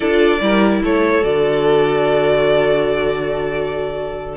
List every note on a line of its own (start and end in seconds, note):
0.00 0.40 D4
0.00 0.40 F4
0.00 0.40 A4
0.00 0.82 D5
0.40 0.81 G3
0.40 1.22 E4
0.40 0.82 A#4
0.82 1.23 A3
0.82 4.37 A4
0.82 1.24 C#5
1.22 4.37 D3
1.22 4.37 F#4
1.22 4.37 D5